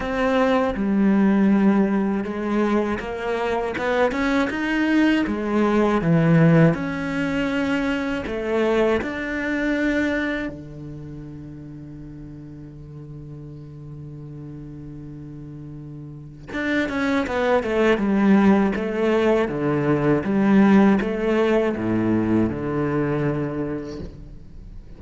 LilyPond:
\new Staff \with { instrumentName = "cello" } { \time 4/4 \tempo 4 = 80 c'4 g2 gis4 | ais4 b8 cis'8 dis'4 gis4 | e4 cis'2 a4 | d'2 d2~ |
d1~ | d2 d'8 cis'8 b8 a8 | g4 a4 d4 g4 | a4 a,4 d2 | }